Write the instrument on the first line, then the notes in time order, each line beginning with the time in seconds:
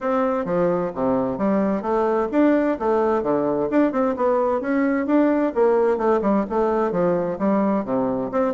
bassoon
0.01 C4
0.45 F3
0.95 C3
1.37 G3
1.82 A3
2.31 D4
2.79 A3
3.22 D3
3.70 D4
3.91 C4
4.16 B3
4.60 C#4
5.06 D4
5.54 A#3
5.97 A3
6.21 G3
6.49 A3
6.91 F3
7.38 G3
7.84 C3
8.31 C4